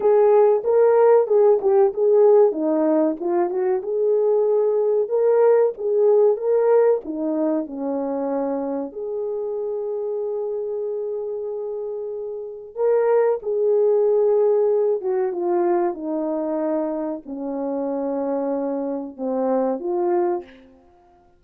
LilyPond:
\new Staff \with { instrumentName = "horn" } { \time 4/4 \tempo 4 = 94 gis'4 ais'4 gis'8 g'8 gis'4 | dis'4 f'8 fis'8 gis'2 | ais'4 gis'4 ais'4 dis'4 | cis'2 gis'2~ |
gis'1 | ais'4 gis'2~ gis'8 fis'8 | f'4 dis'2 cis'4~ | cis'2 c'4 f'4 | }